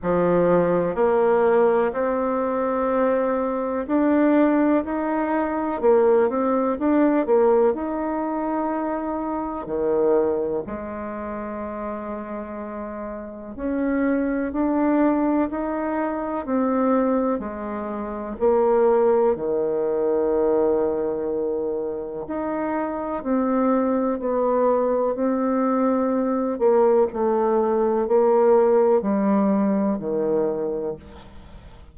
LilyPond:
\new Staff \with { instrumentName = "bassoon" } { \time 4/4 \tempo 4 = 62 f4 ais4 c'2 | d'4 dis'4 ais8 c'8 d'8 ais8 | dis'2 dis4 gis4~ | gis2 cis'4 d'4 |
dis'4 c'4 gis4 ais4 | dis2. dis'4 | c'4 b4 c'4. ais8 | a4 ais4 g4 dis4 | }